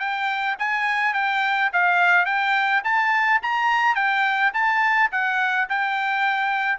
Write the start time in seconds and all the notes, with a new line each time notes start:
0.00 G5
0.59 G#5
1.14 G5
1.73 F5
2.26 G5
2.85 A5
3.43 A#5
3.96 G5
4.54 A5
5.12 F#5
5.70 G5